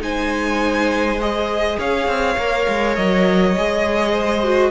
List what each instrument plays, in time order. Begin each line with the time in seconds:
0.00 cello G#3, viola D#4, violin C5 G#5
1.21 viola G#4, violin D#5
1.79 cello C#4, violin C#5 F5
2.08 cello C4
2.38 cello A#3, viola A#4
2.69 cello G#3
2.96 cello F#3, violin D#5
3.58 cello G#3, viola G#4
4.12 violin C5
4.44 viola F#4